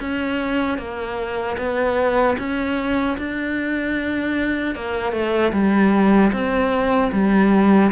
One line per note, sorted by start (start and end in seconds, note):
0.00 0.78 C#4
0.78 1.57 A#3
1.58 2.37 B3
2.39 3.18 C#4
3.18 4.75 D4
4.75 5.13 A#3
5.13 5.52 A3
5.53 6.32 G3
6.32 7.11 C4
7.13 7.92 G3